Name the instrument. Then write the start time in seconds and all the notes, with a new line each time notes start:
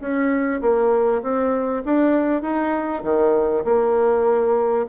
bassoon
0.00 C#4
0.61 A#3
1.22 C4
1.85 D4
2.42 D#4
3.03 D#3
3.64 A#3